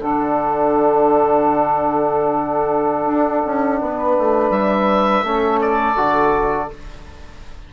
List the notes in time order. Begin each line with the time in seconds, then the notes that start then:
0.00 D3 D4 A4 F#5
3.06 D4
3.46 C#4
3.81 B3 B4
4.19 A3
4.50 G3 E5
5.23 A3 C#4 A4
5.61 D5
5.96 D3 F#4